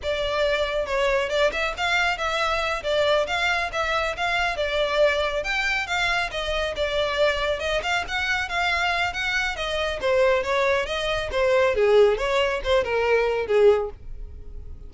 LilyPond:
\new Staff \with { instrumentName = "violin" } { \time 4/4 \tempo 4 = 138 d''2 cis''4 d''8 e''8 | f''4 e''4. d''4 f''8~ | f''8 e''4 f''4 d''4.~ | d''8 g''4 f''4 dis''4 d''8~ |
d''4. dis''8 f''8 fis''4 f''8~ | f''4 fis''4 dis''4 c''4 | cis''4 dis''4 c''4 gis'4 | cis''4 c''8 ais'4. gis'4 | }